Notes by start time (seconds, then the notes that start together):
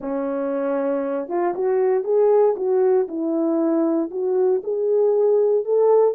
0.00 C#4
1.28 F4
1.54 F#4
2.04 G#4
2.56 F#4
3.08 E4
4.10 F#4
4.63 G#4
5.64 A4